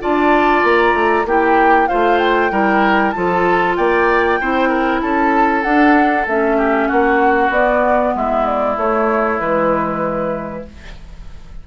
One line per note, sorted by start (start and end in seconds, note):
0.00 0.64 D4
0.00 1.25 F4
0.00 1.26 D5
0.00 0.64 A5
0.64 0.93 A#3
0.64 1.26 A#5
0.93 1.24 A3
1.25 1.88 A#3
1.25 1.89 E4
1.25 1.89 G4
1.25 1.88 G5
1.88 2.51 A3
1.88 2.51 F4
1.88 2.51 C5
1.88 2.18 F5
2.18 3.11 G5
2.51 3.14 G3
2.51 3.13 E4
2.51 3.14 A#4
3.11 3.78 F3
3.11 4.40 F4
3.11 3.77 A4
3.11 3.74 A5
3.76 4.40 A#3
3.76 4.40 D5
3.76 5.01 G5
4.40 5.02 C4
4.40 5.63 E4
4.40 4.69 C5
4.69 5.00 A#4
5.01 5.64 C#4
5.01 6.57 A4
5.01 5.63 A5
5.63 6.26 D4
5.63 6.26 F#5
6.26 6.89 A3
6.26 7.53 C#4
6.26 6.88 E5
6.57 6.88 G4
6.88 7.49 A#3
6.88 8.13 F#4
6.88 7.50 F#5
7.49 8.12 B3
7.49 8.76 B3
7.49 8.15 D5
8.15 8.77 G#3
8.15 10.67 E4
8.15 8.46 E5
8.46 8.77 D5
8.76 9.38 A3
8.76 9.39 A3
8.76 9.40 C#5
9.38 10.65 E3
9.38 10.63 G#3
9.38 10.65 B4